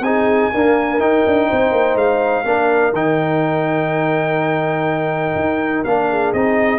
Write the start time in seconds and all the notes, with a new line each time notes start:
0.00 C4 D#4 G#4 G#5
0.52 A#3 D4 A#4
0.98 D#4 G5
1.26 D4
1.48 C4 C5
1.71 A#3
1.95 G#3 F5
2.45 A#3 D4 A#4
2.92 D#3 D#4 G5
5.35 D#4
5.84 A#3 D4 F5
6.10 G#4
6.33 C4 D#4 D#5